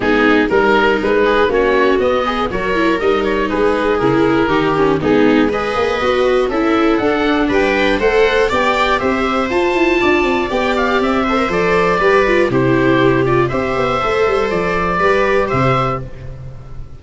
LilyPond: <<
  \new Staff \with { instrumentName = "oboe" } { \time 4/4 \tempo 4 = 120 gis'4 ais'4 b'4 cis''4 | dis''4 cis''4 dis''8 cis''8 b'4 | ais'2 gis'4 dis''4~ | dis''4 e''4 fis''4 g''4 |
fis''4 g''4 e''4 a''4~ | a''4 g''8 f''8 e''4 d''4~ | d''4 c''4. d''8 e''4~ | e''4 d''2 e''4 | }
  \new Staff \with { instrumentName = "viola" } { \time 4/4 dis'4 ais'4. gis'8 fis'4~ | fis'8 gis'8 ais'2 gis'4~ | gis'4 g'4 dis'4 b'4~ | b'4 a'2 b'4 |
c''4 d''4 c''2 | d''2~ d''8 c''4. | b'4 g'2 c''4~ | c''2 b'4 c''4 | }
  \new Staff \with { instrumentName = "viola" } { \time 4/4 b4 dis'2 cis'4 | b4 fis'8 e'8 dis'2 | e'4 dis'8 cis'8 b4 gis'4 | fis'4 e'4 d'2 |
a'4 g'2 f'4~ | f'4 g'4. a'16 ais'16 a'4 | g'8 f'8 e'4. f'8 g'4 | a'2 g'2 | }
  \new Staff \with { instrumentName = "tuba" } { \time 4/4 gis4 g4 gis4 ais4 | b4 fis4 g4 gis4 | cis4 dis4 gis4. ais8 | b4 cis'4 d'4 g4 |
a4 b4 c'4 f'8 e'8 | d'8 c'8 b4 c'4 f4 | g4 c2 c'8 b8 | a8 g8 f4 g4 c4 | }
>>